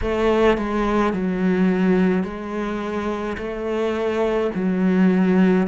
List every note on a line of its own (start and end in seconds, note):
0.01 0.57 A3
0.57 1.13 G#3
1.13 2.23 F#3
2.23 3.37 G#3
3.37 4.50 A3
4.54 5.67 F#3